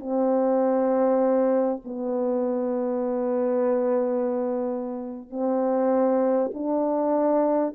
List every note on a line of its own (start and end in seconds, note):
0.00 1.82 C4
1.85 5.30 B3
5.30 6.52 C4
6.54 7.75 D4